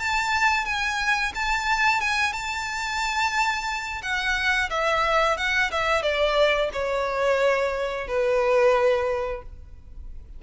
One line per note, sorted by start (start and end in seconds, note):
0.00 0.66 A5
0.66 1.33 G#5
1.35 2.01 A5
2.01 2.33 G#5
2.33 4.02 A5
4.03 4.70 F#5
4.70 5.37 E5
5.37 5.71 F#5
5.72 6.03 E5
6.03 6.70 D5
6.73 8.08 C#5
8.08 9.43 B4